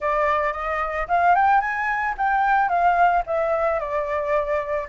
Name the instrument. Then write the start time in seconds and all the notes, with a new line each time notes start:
flute
0.00 D5
0.53 D#5
1.08 F5
1.35 G5
1.60 G#5
2.17 G5
2.69 F5
3.26 E5
3.79 D5